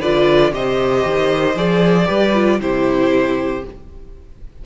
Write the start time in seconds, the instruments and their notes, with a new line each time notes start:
0.00 cello D3, viola F4, violin B4 D5
0.52 cello C3, viola G4, violin C5 D#5
1.05 cello D#3
1.56 cello F3, viola G#4, violin D5
2.06 cello G3, viola G4, violin B4
2.35 viola F4
2.61 cello C3, viola E4, violin G4 C5